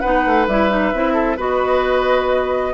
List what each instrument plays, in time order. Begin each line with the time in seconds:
0.00 bassoon B3, clarinet D#4, oboe B4, flute F#5
0.26 bassoon A3
0.47 bassoon G3, clarinet E4, flute E5
0.70 clarinet D#4
0.95 bassoon C4, clarinet E4
1.14 oboe A4
1.37 bassoon B3, clarinet F#4, oboe B4, flute D#5